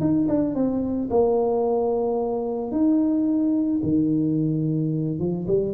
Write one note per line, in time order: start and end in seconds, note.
0.00 0.27 D#4
0.28 0.54 D4
0.54 1.09 C4
1.10 2.71 A#3
2.71 3.80 D#4
3.83 5.19 D#3
5.19 5.46 F3
5.47 5.74 G3